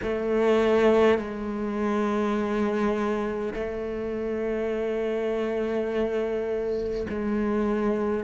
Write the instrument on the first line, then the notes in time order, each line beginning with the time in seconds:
cello
0.02 A3
1.18 G#3
3.53 A3
7.09 G#3